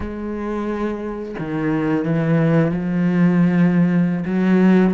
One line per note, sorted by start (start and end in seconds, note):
0.00 1.35 G#3
1.38 2.05 D#3
2.05 2.71 E3
2.71 4.24 F3
4.25 4.93 F#3